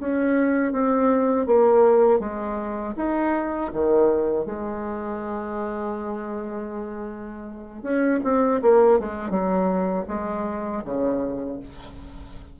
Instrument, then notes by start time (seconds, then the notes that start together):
bassoon
0.00 C#4
0.73 C4
1.47 A#3
2.20 G#3
2.97 D#4
3.73 D#3
4.46 G#3
7.83 C#4
8.24 C4
8.62 A#3
9.00 G#3
9.31 F#3
10.08 G#3
10.85 C#3